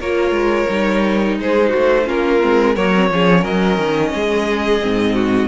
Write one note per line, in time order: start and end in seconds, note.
0.00 0.31 A#3
0.00 0.68 F4
0.00 1.38 A#4
0.00 1.38 C#5
0.31 0.65 G#3
0.68 1.38 G3
0.68 2.05 D#4
1.39 1.73 G#3
1.39 1.69 G#4
1.39 2.09 C5
1.69 2.08 A3
1.69 2.04 F#4
2.05 2.43 A#3
2.05 2.40 C#4
2.05 2.74 F4
2.05 2.76 A#4
2.41 2.76 G#3
2.41 2.76 C4
2.74 3.10 F#3
2.74 2.94 A#3
2.74 3.09 A#4
2.74 3.44 C#5
2.95 3.12 C4
3.10 3.44 F3
3.10 4.81 C#4
3.10 3.41 G#4
3.41 3.78 F#3
3.41 4.10 A#4
3.41 5.48 D#5
3.78 4.13 D#3
4.13 4.82 G#3
4.13 5.15 G#4
4.81 5.48 G#2
4.81 5.48 C4
5.15 5.48 F#4